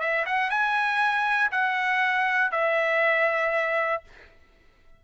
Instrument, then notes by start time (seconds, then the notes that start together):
trumpet
0.00 E5
0.26 F#5
0.50 G#5
1.52 F#5
2.52 E5